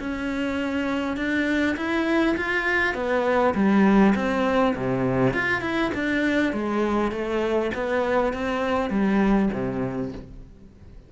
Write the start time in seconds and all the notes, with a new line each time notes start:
0.00 C#4
1.17 D4
1.77 E4
2.37 F4
2.95 B3
3.55 G3
4.16 C4
4.76 C3
5.34 F4
5.62 E4
5.95 D4
6.53 G#3
7.12 A3
7.75 B3
8.33 C4
8.90 G3
9.53 C3